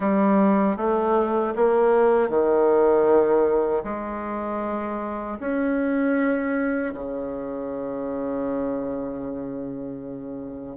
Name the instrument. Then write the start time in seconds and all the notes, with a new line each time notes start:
bassoon
0.00 G3
0.76 A3
1.56 A#3
2.29 D#3
3.84 G#3
5.40 C#4
6.94 C#3